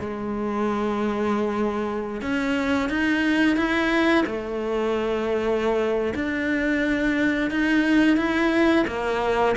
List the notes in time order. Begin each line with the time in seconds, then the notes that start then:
0.00 G#3
2.22 C#4
2.89 D#4
3.57 E4
4.26 A3
6.15 D4
7.51 D#4
8.17 E4
8.88 A#3